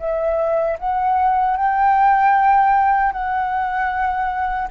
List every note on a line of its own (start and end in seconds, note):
0.00 0.78 E5
0.79 1.57 F#5
1.57 3.13 G5
3.13 4.69 F#5